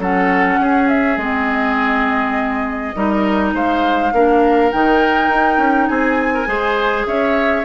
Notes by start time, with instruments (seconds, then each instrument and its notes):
0.00 bassoon F#3, clarinet C#4, oboe A4, flute F#5
0.59 bassoon C#4, oboe G#4
0.89 flute E5
1.17 bassoon G#3, clarinet C4, flute D#5
2.95 bassoon G3, clarinet D#4, oboe A#4
3.54 bassoon G#3, oboe C5, flute F5
4.13 bassoon A#3, clarinet D4, oboe A#4
4.72 bassoon D#3, clarinet D#4, flute G5
5.30 bassoon D#4
5.58 bassoon C#4
5.88 bassoon C4, oboe G#4, flute G#5
6.35 oboe A#4
6.46 bassoon G#3, clarinet G#4, oboe C5
7.07 bassoon C#4, oboe C#5, flute E5